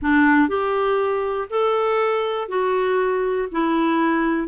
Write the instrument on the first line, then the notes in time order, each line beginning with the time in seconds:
clarinet
0.02 D4
0.48 G4
1.50 A4
2.48 F#4
3.51 E4